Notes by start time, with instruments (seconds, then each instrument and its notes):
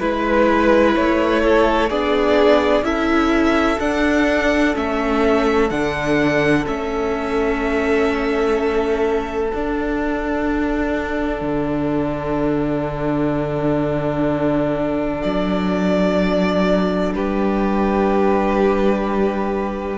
0.00 cello G#3, viola E4, violin B4
0.95 cello A3, violin C#5
1.43 violin A4
1.90 cello B3, viola D4, violin G#4 D5
2.82 cello C#4, viola E4, violin A4 E5
3.80 cello D4, viola D4, violin F#5
4.75 cello A3, viola C#4, violin E5
5.70 cello D3, viola D4, violin F#5
6.65 cello A3, viola C#4, violin E5
9.51 cello D4, viola D4, violin F#5
11.41 cello D3
15.23 cello F#3, violin D5
17.14 cello G3, violin G4 B4